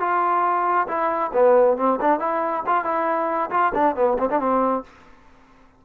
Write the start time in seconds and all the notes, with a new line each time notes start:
0.00 F4
0.88 E4
1.34 B3
1.78 C4
2.01 D4
2.20 E4
2.67 F4
2.85 E4
3.51 F4
3.75 D4
3.96 B3
4.18 C4
4.30 D4
4.40 C4